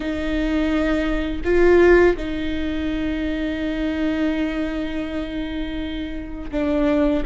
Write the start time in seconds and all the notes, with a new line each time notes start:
0.00 D#4
1.44 F4
2.17 D#4
6.51 D4